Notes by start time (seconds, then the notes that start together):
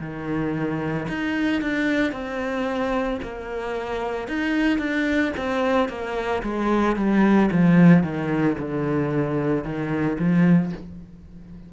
0.00 D#3
1.09 D#4
1.62 D4
2.12 C4
3.22 A#3
4.28 D#4
4.79 D4
5.37 C4
5.89 A#3
6.42 G#3
6.96 G3
7.52 F3
8.03 D#3
8.58 D3
9.64 D#3
10.19 F3